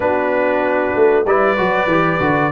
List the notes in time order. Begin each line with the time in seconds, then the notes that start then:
0.00 B3 D4 F#4 B4
0.95 A3
1.25 G3 E4 B4 D5
1.57 F#3 F#4
1.86 E3 G4
2.19 D3 F#4